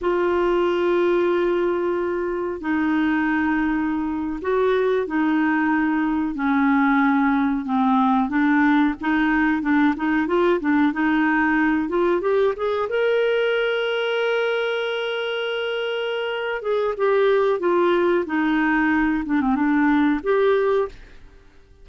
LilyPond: \new Staff \with { instrumentName = "clarinet" } { \time 4/4 \tempo 4 = 92 f'1 | dis'2~ dis'8. fis'4 dis'16~ | dis'4.~ dis'16 cis'2 c'16~ | c'8. d'4 dis'4 d'8 dis'8 f'16~ |
f'16 d'8 dis'4. f'8 g'8 gis'8 ais'16~ | ais'1~ | ais'4. gis'8 g'4 f'4 | dis'4. d'16 c'16 d'4 g'4 | }